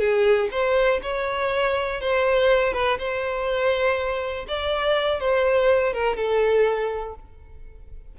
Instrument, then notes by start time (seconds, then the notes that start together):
violin
0.00 G#4
0.52 C5
1.03 C#5
2.01 C5
2.74 B4
2.99 C5
4.48 D5
5.20 C5
5.94 A#4
6.17 A4